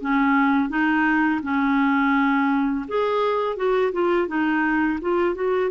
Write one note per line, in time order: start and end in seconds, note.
0.00 0.69 C#4
0.69 1.41 D#4
1.42 2.85 C#4
2.88 3.56 G#4
3.56 3.92 F#4
3.92 4.28 F4
4.28 4.99 D#4
5.01 5.35 F4
5.35 5.70 F#4